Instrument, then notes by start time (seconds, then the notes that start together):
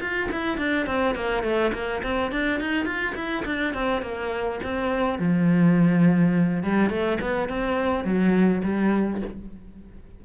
cello
0.00 F4
0.31 E4
0.57 D4
0.86 C4
1.15 A#3
1.43 A3
1.73 A#3
2.03 C4
2.31 D4
2.60 D#4
2.85 F4
3.15 E4
3.45 D4
3.74 C4
4.02 A#3
4.63 C4
5.19 F3
6.63 G3
6.89 A3
7.21 B3
7.48 C4
8.04 F#3
8.64 G3